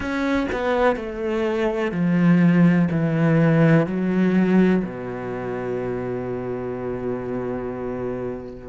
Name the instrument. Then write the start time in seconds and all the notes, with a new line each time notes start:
cello
0.00 C#4
0.51 B3
0.96 A3
1.91 F3
2.90 E3
3.86 F#3
4.83 B2